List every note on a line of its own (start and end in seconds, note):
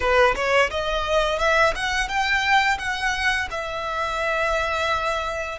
0.00 0.34 B4
0.35 0.70 C#5
0.70 1.38 D#5
1.38 1.73 E5
1.75 2.08 F#5
2.08 2.78 G5
2.78 3.48 F#5
3.50 5.58 E5